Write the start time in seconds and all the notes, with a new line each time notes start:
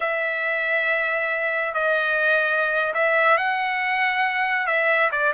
0.00 E5
1.74 D#5
2.93 E5
3.37 F#5
4.67 E5
5.11 D5